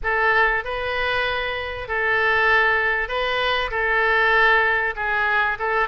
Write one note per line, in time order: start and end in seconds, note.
0.03 0.64 A4
0.64 1.88 B4
1.88 3.08 A4
3.08 3.70 B4
3.70 4.94 A4
4.96 5.58 G#4
5.58 5.88 A4